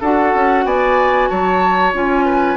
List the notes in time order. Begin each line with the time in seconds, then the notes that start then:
0.00 D4 F#4 A4 F#5
0.34 C#4
0.65 B3 D5 G#5
1.28 F#3 C#5 A5
1.93 C#4 F4 G#5
2.25 B4